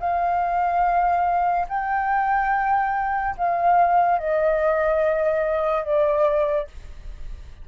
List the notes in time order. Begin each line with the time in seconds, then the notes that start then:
0.00 F5
1.69 G5
3.37 F5
4.19 D#5
5.84 D5